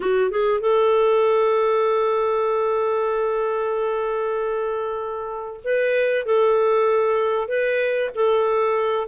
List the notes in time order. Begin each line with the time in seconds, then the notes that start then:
0.00 F#4
0.30 G#4
0.60 A4
5.64 B4
6.25 A4
7.48 B4
8.14 A4